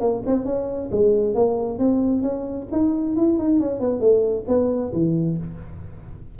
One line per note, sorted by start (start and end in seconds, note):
0.00 0.22 A#3
0.26 0.45 C4
0.45 0.90 C#4
0.92 1.35 G#3
1.35 1.78 A#3
1.78 2.22 C4
2.22 2.67 C#4
2.72 3.16 D#4
3.16 3.38 E4
3.38 3.60 D#4
3.60 3.80 C#4
3.80 4.00 B3
4.00 4.45 A3
4.48 4.92 B3
4.93 5.38 E3